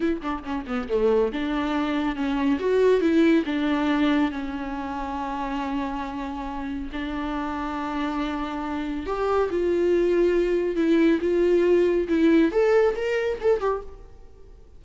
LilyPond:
\new Staff \with { instrumentName = "viola" } { \time 4/4 \tempo 4 = 139 e'8 d'8 cis'8 b8 a4 d'4~ | d'4 cis'4 fis'4 e'4 | d'2 cis'2~ | cis'1 |
d'1~ | d'4 g'4 f'2~ | f'4 e'4 f'2 | e'4 a'4 ais'4 a'8 g'8 | }